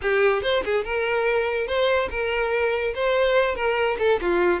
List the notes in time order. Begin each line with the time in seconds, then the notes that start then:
0.02 G4
0.42 C5
0.65 G#4
0.84 A#4
1.67 C5
2.10 A#4
2.94 C5
3.55 A#4
3.98 A4
4.21 F4